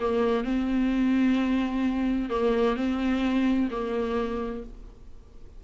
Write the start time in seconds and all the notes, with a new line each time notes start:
0.00 A#3
0.44 C4
2.30 A#3
2.76 C4
3.71 A#3